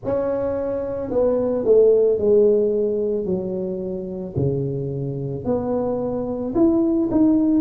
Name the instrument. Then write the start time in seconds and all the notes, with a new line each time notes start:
tuba
0.04 C#4
1.10 B3
1.64 A3
2.18 G#3
3.25 F#3
4.36 C#3
5.44 B3
6.55 E4
7.11 D#4